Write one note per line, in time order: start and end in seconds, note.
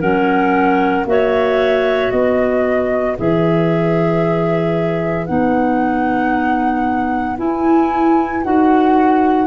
0.00 1.05 F#3
0.00 1.06 C#4
0.00 1.05 A#4
0.00 1.06 F#5
1.05 2.10 A#3
1.05 3.17 F#4
1.05 2.12 C#5
1.05 2.11 E5
2.11 3.17 B3
2.11 9.47 B4
2.11 3.16 D#5
3.18 5.29 E3
3.18 5.27 G#4
3.18 5.26 E5
5.26 7.39 B3
5.26 7.37 D#4
5.26 7.36 F#5
7.37 8.42 E4
7.37 8.44 E4
7.37 8.43 G#5
8.43 9.47 D#4
8.43 9.47 F#4
8.43 9.47 F#5